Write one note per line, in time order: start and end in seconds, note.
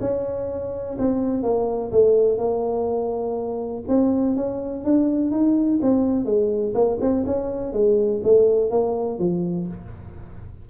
0.00 0.97 C#4
0.98 1.43 C4
1.43 1.91 A#3
1.91 2.38 A3
2.38 3.83 A#3
3.88 4.36 C4
4.36 4.84 C#4
4.84 5.31 D4
5.31 5.79 D#4
5.82 6.25 C4
6.25 6.73 G#3
6.74 6.98 A#3
7.00 7.24 C4
7.26 7.72 C#4
7.72 8.21 G#3
8.23 8.70 A3
8.70 9.18 A#3
9.18 9.67 F3